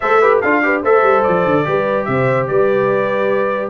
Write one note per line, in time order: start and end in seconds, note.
0.00 0.43 A3
0.00 0.22 A4
0.00 0.20 C5
0.00 0.39 E5
0.20 0.43 G4
0.20 0.40 B4
0.40 0.83 D4
0.40 0.62 F4
0.40 0.61 A4
0.40 0.82 F5
0.62 0.83 G4
0.62 0.82 B4
0.82 1.02 A3
0.82 1.65 A4
0.82 1.65 C5
0.82 1.22 E5
1.02 1.23 G3
1.22 1.45 F3
1.22 2.04 D5
1.45 1.66 D3
1.65 2.07 G3
1.65 3.69 G4
1.65 2.08 B4
2.04 2.48 C3
2.04 2.48 C5
2.04 2.46 E5
2.47 3.69 G3
2.47 3.69 B4
2.47 3.69 D5